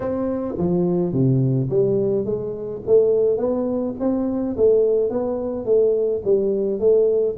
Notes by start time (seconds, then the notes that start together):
0.00 C4
0.58 F3
1.12 C3
1.69 G3
2.25 G#3
2.86 A3
3.37 B3
3.99 C4
4.56 A3
5.09 B3
5.65 A3
6.24 G3
6.79 A3